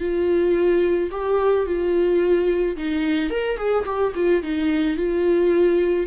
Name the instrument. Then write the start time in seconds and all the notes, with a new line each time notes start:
viola
0.00 F4
1.11 G4
1.66 F4
2.77 D#4
3.30 A#4
3.57 G#4
3.85 G4
4.15 F4
4.43 D#4
4.96 F4